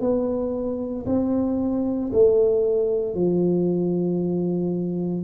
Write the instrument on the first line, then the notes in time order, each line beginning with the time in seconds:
tuba
0.00 B3
1.06 C4
2.13 A3
3.14 F3